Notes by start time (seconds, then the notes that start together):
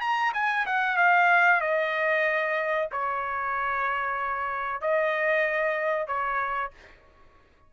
0.00 A#5
0.33 G#5
0.66 F#5
0.96 F5
1.60 D#5
2.91 C#5
4.81 D#5
6.07 C#5